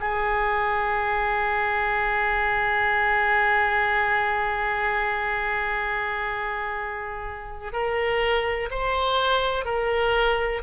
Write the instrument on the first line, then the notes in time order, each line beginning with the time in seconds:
oboe
0.00 G#4
7.72 A#4
8.71 C5
9.65 A#4